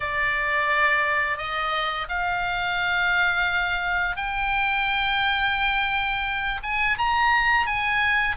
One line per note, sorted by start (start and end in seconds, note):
0.00 1.37 D5
1.37 2.07 D#5
2.08 4.16 F5
4.16 6.60 G5
6.62 6.97 G#5
6.98 7.66 A#5
7.66 8.36 G#5